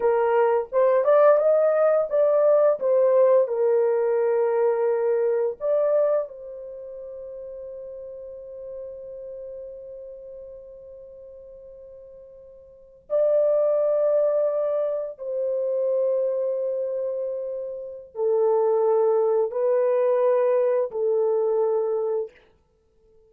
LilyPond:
\new Staff \with { instrumentName = "horn" } { \time 4/4 \tempo 4 = 86 ais'4 c''8 d''8 dis''4 d''4 | c''4 ais'2. | d''4 c''2.~ | c''1~ |
c''2~ c''8. d''4~ d''16~ | d''4.~ d''16 c''2~ c''16~ | c''2 a'2 | b'2 a'2 | }